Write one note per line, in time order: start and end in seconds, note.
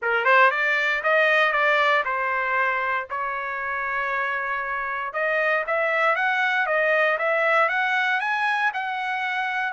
0.02 0.24 A#4
0.24 0.50 C5
0.51 1.02 D5
1.03 1.52 D#5
1.52 2.03 D5
2.05 3.07 C5
3.10 5.13 C#5
5.13 5.64 D#5
5.66 6.15 E5
6.15 6.66 F#5
6.66 7.17 D#5
7.18 7.69 E5
7.69 8.20 F#5
8.20 8.71 G#5
8.73 9.72 F#5